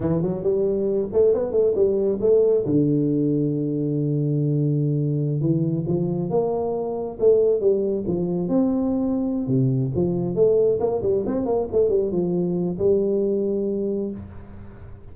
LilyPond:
\new Staff \with { instrumentName = "tuba" } { \time 4/4 \tempo 4 = 136 e8 fis8 g4. a8 b8 a8 | g4 a4 d2~ | d1~ | d16 e4 f4 ais4.~ ais16~ |
ais16 a4 g4 f4 c'8.~ | c'4. c4 f4 a8~ | a8 ais8 g8 c'8 ais8 a8 g8 f8~ | f4 g2. | }